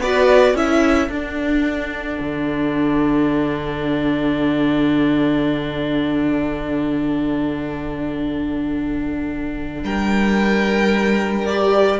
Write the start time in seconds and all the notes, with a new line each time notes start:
0.00 B3 F#4 B4 D5
0.54 C#4 E4 A4 E5
1.09 D4 F#5
2.20 D3
9.84 G3 A#4 G5
11.46 G4 D5